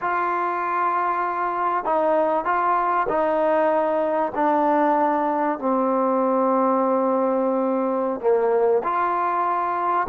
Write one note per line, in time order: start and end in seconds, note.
0.01 1.84 F4
1.84 2.45 D#4
2.45 3.06 F4
3.08 4.32 D#4
4.35 5.58 D4
5.58 8.20 C4
8.20 8.82 A#3
8.83 10.07 F4